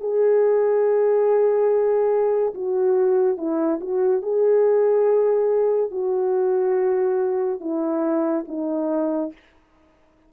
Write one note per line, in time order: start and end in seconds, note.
0.00 2.54 G#4
2.54 3.37 F#4
3.37 3.80 E4
3.80 4.22 F#4
4.22 5.91 G#4
5.91 7.60 F#4
7.60 8.45 E4
8.48 9.32 D#4